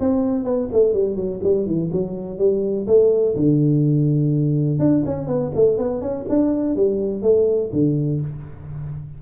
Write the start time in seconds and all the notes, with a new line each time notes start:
0.00 C4
0.44 B3
0.72 A3
0.94 G3
1.16 F#3
1.43 G3
1.66 E3
1.92 F#3
2.38 G3
2.87 A3
3.36 D3
4.79 D4
5.05 C#4
5.27 B3
5.55 A3
5.78 B3
6.01 C#4
6.29 D4
6.76 G3
7.22 A3
7.73 D3